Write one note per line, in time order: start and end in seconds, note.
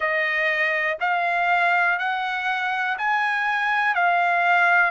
0.00 0.97 D#5
1.00 1.99 F5
1.99 2.97 F#5
2.98 3.94 G#5
3.94 4.91 F5